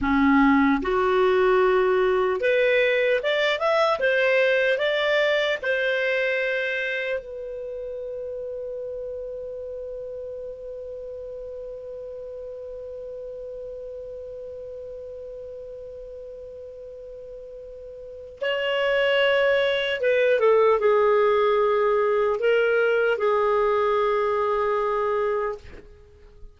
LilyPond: \new Staff \with { instrumentName = "clarinet" } { \time 4/4 \tempo 4 = 75 cis'4 fis'2 b'4 | d''8 e''8 c''4 d''4 c''4~ | c''4 b'2.~ | b'1~ |
b'1~ | b'2. cis''4~ | cis''4 b'8 a'8 gis'2 | ais'4 gis'2. | }